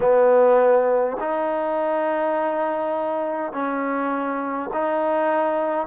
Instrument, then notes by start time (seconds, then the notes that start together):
trombone
0.00 B3
1.20 D#4
3.52 C#4
4.73 D#4